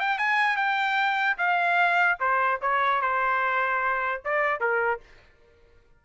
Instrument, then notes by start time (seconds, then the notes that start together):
trumpet
0.00 G5
0.18 G#5
0.57 G5
1.38 F5
2.20 C5
2.62 C#5
3.02 C5
4.25 D5
4.60 A#4